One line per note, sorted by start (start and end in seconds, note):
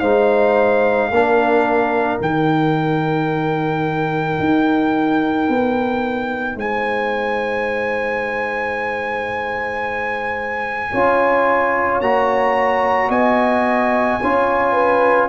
0.00 1.10 G#3
0.00 1.12 D#4
0.00 1.10 C5
0.00 2.18 F5
1.10 2.19 A#3
1.10 2.20 D4
1.10 6.56 A#4
2.20 4.39 D#3
2.20 10.92 D#4
2.20 6.59 G5
4.40 5.49 D#4
5.49 6.56 B3
6.56 10.92 G#3
6.56 10.92 C5
6.56 12.02 G#5
10.92 12.01 C#4
10.92 12.03 F4
10.92 13.10 C#5
12.01 13.10 A#3
12.01 14.21 F#4
12.01 13.11 A#5
13.10 14.19 B3
13.10 14.19 D#5
13.10 15.29 G#5
14.22 15.29 C#4
14.22 15.29 F4
14.22 14.73 C#5
14.73 15.27 B4